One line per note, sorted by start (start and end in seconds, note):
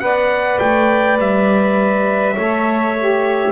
0.00 0.59 B3
0.00 2.36 B4
0.00 2.35 D5
0.00 0.59 F#5
0.59 1.19 A3
0.59 1.18 G5
1.19 2.37 G3
1.19 3.52 E5
2.35 3.52 A3
2.35 2.96 A4
2.35 3.52 C#5
2.99 3.52 G4